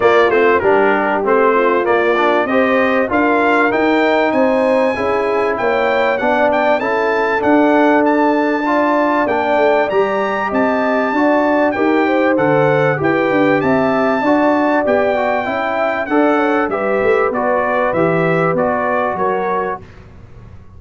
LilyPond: <<
  \new Staff \with { instrumentName = "trumpet" } { \time 4/4 \tempo 4 = 97 d''8 c''8 ais'4 c''4 d''4 | dis''4 f''4 g''4 gis''4~ | gis''4 g''4 fis''8 g''8 a''4 | fis''4 a''2 g''4 |
ais''4 a''2 g''4 | fis''4 g''4 a''2 | g''2 fis''4 e''4 | d''4 e''4 d''4 cis''4 | }
  \new Staff \with { instrumentName = "horn" } { \time 4/4 f'4 g'4. f'4. | c''4 ais'2 c''4 | gis'4 cis''4 d''4 a'4~ | a'2 d''2~ |
d''4 dis''4 d''4 ais'8 c''8~ | c''4 b'4 e''4 d''4~ | d''4 e''4 d''8 cis''8 b'4~ | b'2. ais'4 | }
  \new Staff \with { instrumentName = "trombone" } { \time 4/4 ais8 c'8 d'4 c'4 ais8 d'8 | g'4 f'4 dis'2 | e'2 d'4 e'4 | d'2 f'4 d'4 |
g'2 fis'4 g'4 | a'4 g'2 fis'4 | g'8 fis'8 e'4 a'4 g'4 | fis'4 g'4 fis'2 | }
  \new Staff \with { instrumentName = "tuba" } { \time 4/4 ais8 a8 g4 a4 ais4 | c'4 d'4 dis'4 c'4 | cis'4 ais4 b4 cis'4 | d'2. ais8 a8 |
g4 c'4 d'4 dis'4 | d4 e'8 d'8 c'4 d'4 | b4 cis'4 d'4 g8 a8 | b4 e4 b4 fis4 | }
>>